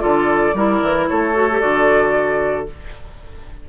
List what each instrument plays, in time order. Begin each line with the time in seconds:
0.00 bassoon D3, clarinet F4, oboe A4, flute D5
0.54 bassoon G3, clarinet E4, oboe A#4
0.83 bassoon E3
1.08 bassoon A3, oboe A4, flute C#5
1.35 clarinet F#4
1.52 clarinet G4
1.61 bassoon D3, clarinet F#4, flute D5